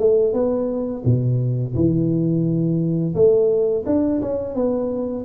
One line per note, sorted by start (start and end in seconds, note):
0.00 0.34 A3
0.34 1.04 B3
1.05 1.75 B2
1.75 3.15 E3
3.15 3.85 A3
3.87 4.22 D4
4.22 4.55 C#4
4.55 5.25 B3